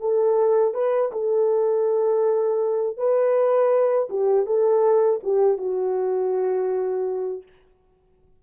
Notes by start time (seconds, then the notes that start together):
0.00 A4
0.74 B4
1.12 A4
2.97 B4
4.10 G4
4.46 A4
5.23 G4
5.58 F#4